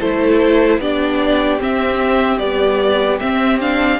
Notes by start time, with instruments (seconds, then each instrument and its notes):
0.00 cello A3, viola E4, violin A4 C5
0.78 cello B3, viola D4, violin G4 D5
1.59 viola C4, cello C4, violin E5
2.39 viola G3, cello B3, violin D5
3.19 viola C4, cello C4, violin E5
3.60 viola D4, violin F5